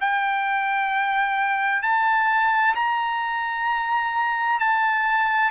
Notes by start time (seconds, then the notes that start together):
0.00 G5
1.82 A5
2.75 A#5
4.59 A5